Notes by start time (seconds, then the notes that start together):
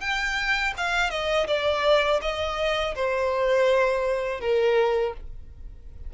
0.00 G5
0.77 F5
1.10 D#5
1.47 D5
2.22 D#5
2.95 C5
4.40 A#4